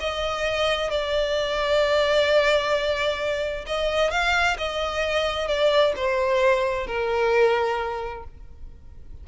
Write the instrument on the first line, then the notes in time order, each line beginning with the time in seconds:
violin
0.00 D#5
0.91 D5
3.66 D#5
4.11 F5
4.58 D#5
5.48 D5
5.96 C5
6.87 A#4